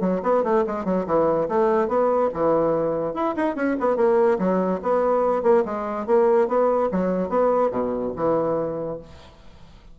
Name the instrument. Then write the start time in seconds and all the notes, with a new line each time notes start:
bassoon
0.00 F#3
0.23 B3
0.43 A3
0.66 G#3
0.85 F#3
1.06 E3
1.48 A3
1.88 B3
2.33 E3
3.14 E4
3.36 D#4
3.55 C#4
3.80 B3
3.96 A#3
4.39 F#3
4.82 B3
5.42 A#3
5.65 G#3
6.06 A#3
6.48 B3
6.91 F#3
7.29 B3
7.70 B2
8.16 E3